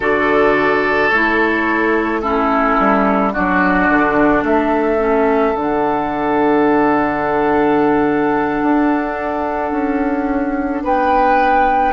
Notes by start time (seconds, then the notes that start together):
0.00 D3 F#4 A4 D5
1.09 A3 E4 C#5
2.21 C#4 E4 A4
2.79 G3
3.32 F#3 D4 F#4 D5
3.89 D3
4.43 A3 A4 E5
4.98 C#4
5.55 D3 D4 F#5
8.62 D4
9.71 C#4
10.83 B3 B4 G5